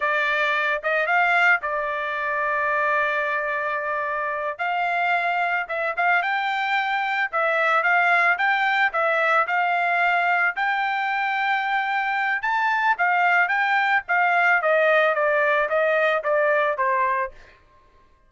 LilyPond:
\new Staff \with { instrumentName = "trumpet" } { \time 4/4 \tempo 4 = 111 d''4. dis''8 f''4 d''4~ | d''1~ | d''8 f''2 e''8 f''8 g''8~ | g''4. e''4 f''4 g''8~ |
g''8 e''4 f''2 g''8~ | g''2. a''4 | f''4 g''4 f''4 dis''4 | d''4 dis''4 d''4 c''4 | }